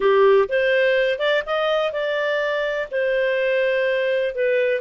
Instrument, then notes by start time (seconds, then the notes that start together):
clarinet
0.00 G4
0.48 C5
1.19 D5
1.45 D#5
1.92 D5
2.91 C5
4.34 B4